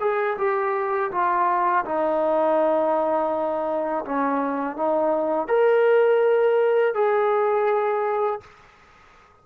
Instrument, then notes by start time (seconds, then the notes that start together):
trombone
0.00 G#4
0.37 G4
1.11 F4
1.85 D#4
4.04 C#4
4.76 D#4
5.47 A#4
6.94 G#4